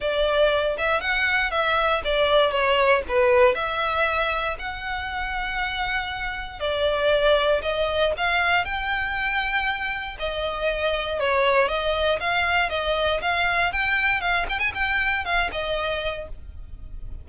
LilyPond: \new Staff \with { instrumentName = "violin" } { \time 4/4 \tempo 4 = 118 d''4. e''8 fis''4 e''4 | d''4 cis''4 b'4 e''4~ | e''4 fis''2.~ | fis''4 d''2 dis''4 |
f''4 g''2. | dis''2 cis''4 dis''4 | f''4 dis''4 f''4 g''4 | f''8 g''16 gis''16 g''4 f''8 dis''4. | }